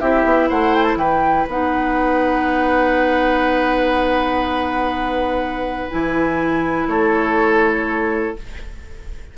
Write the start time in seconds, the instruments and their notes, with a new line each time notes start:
0.00 bassoon C4, clarinet E4, oboe G4, flute E5
0.25 bassoon B3
0.50 bassoon A3, oboe C5, flute F#5
0.75 flute G5
0.84 flute A5
0.96 bassoon E3, oboe B4, flute G5
1.48 bassoon B3, clarinet D#4, flute F#5
5.91 bassoon E3, clarinet E4, flute G#5
6.87 bassoon A3, oboe A4, flute C#5